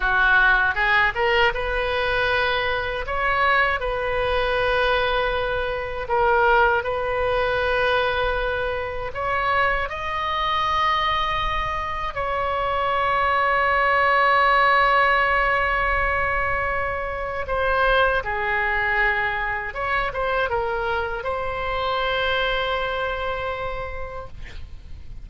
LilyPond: \new Staff \with { instrumentName = "oboe" } { \time 4/4 \tempo 4 = 79 fis'4 gis'8 ais'8 b'2 | cis''4 b'2. | ais'4 b'2. | cis''4 dis''2. |
cis''1~ | cis''2. c''4 | gis'2 cis''8 c''8 ais'4 | c''1 | }